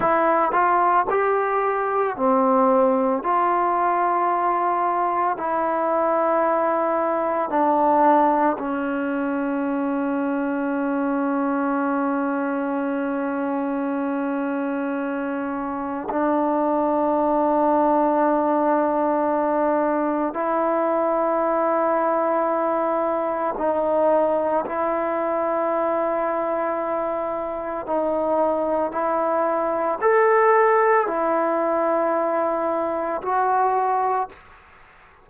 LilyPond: \new Staff \with { instrumentName = "trombone" } { \time 4/4 \tempo 4 = 56 e'8 f'8 g'4 c'4 f'4~ | f'4 e'2 d'4 | cis'1~ | cis'2. d'4~ |
d'2. e'4~ | e'2 dis'4 e'4~ | e'2 dis'4 e'4 | a'4 e'2 fis'4 | }